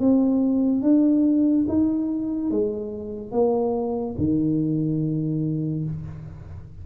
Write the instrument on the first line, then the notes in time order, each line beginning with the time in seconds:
tuba
0.00 C4
0.82 D4
1.68 D#4
2.51 G#3
3.32 A#3
4.18 D#3